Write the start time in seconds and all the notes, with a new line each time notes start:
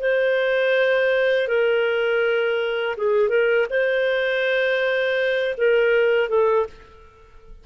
0.00 C5
1.47 A#4
2.97 G#4
3.29 A#4
3.70 C5
5.57 A#4
6.29 A4